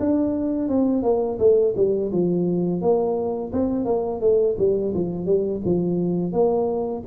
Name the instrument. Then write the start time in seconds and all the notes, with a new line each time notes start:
tuba
0.00 D4
0.68 C4
1.03 A#3
1.39 A3
1.76 G3
2.12 F3
2.81 A#3
3.53 C4
3.85 A#3
4.20 A3
4.58 G3
4.94 F3
5.26 G3
5.65 F3
6.32 A#3